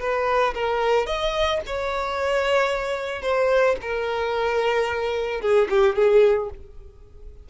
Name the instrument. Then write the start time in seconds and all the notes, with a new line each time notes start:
violin
0.00 B4
0.54 A#4
1.06 D#5
1.66 C#5
3.22 C5
3.82 A#4
5.41 G#4
5.70 G4
5.96 G#4